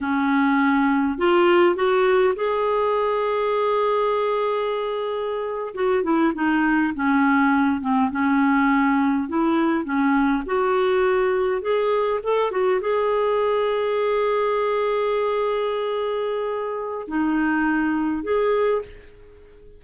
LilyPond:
\new Staff \with { instrumentName = "clarinet" } { \time 4/4 \tempo 4 = 102 cis'2 f'4 fis'4 | gis'1~ | gis'4.~ gis'16 fis'8 e'8 dis'4 cis'16~ | cis'4~ cis'16 c'8 cis'2 e'16~ |
e'8. cis'4 fis'2 gis'16~ | gis'8. a'8 fis'8 gis'2~ gis'16~ | gis'1~ | gis'4 dis'2 gis'4 | }